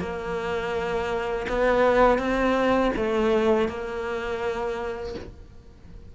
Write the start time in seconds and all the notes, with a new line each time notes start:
0.00 A#3
1.49 B3
2.19 C4
2.96 A3
3.68 A#3